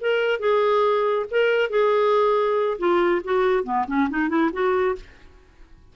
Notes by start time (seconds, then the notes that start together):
0.00 A#4
0.39 G#4
1.30 A#4
1.69 G#4
2.78 F4
3.24 F#4
3.63 B3
3.87 C#4
4.09 D#4
4.28 E4
4.52 F#4